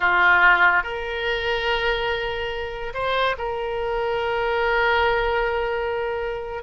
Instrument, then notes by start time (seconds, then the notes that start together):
oboe
0.00 F4
0.83 A#4
2.94 C5
3.38 A#4